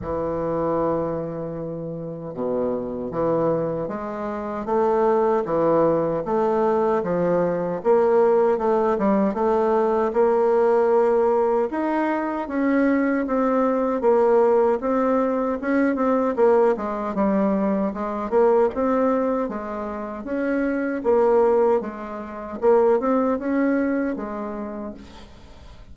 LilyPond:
\new Staff \with { instrumentName = "bassoon" } { \time 4/4 \tempo 4 = 77 e2. b,4 | e4 gis4 a4 e4 | a4 f4 ais4 a8 g8 | a4 ais2 dis'4 |
cis'4 c'4 ais4 c'4 | cis'8 c'8 ais8 gis8 g4 gis8 ais8 | c'4 gis4 cis'4 ais4 | gis4 ais8 c'8 cis'4 gis4 | }